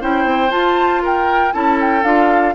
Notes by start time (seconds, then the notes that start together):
0.00 C#4 E4 C5 G5
0.24 C4
0.49 F4 A5
1.02 A#4 G5
1.52 C#4 E4 A4 A5
1.80 G5
2.03 D4 F4 F5